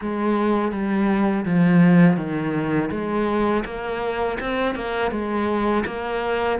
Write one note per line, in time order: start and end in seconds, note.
0.01 0.72 G#3
0.72 1.45 G3
1.45 2.16 F3
2.16 2.89 D#3
2.91 3.64 G#3
3.65 4.38 A#3
4.40 4.75 C4
4.75 5.11 A#3
5.11 5.84 G#3
5.86 6.59 A#3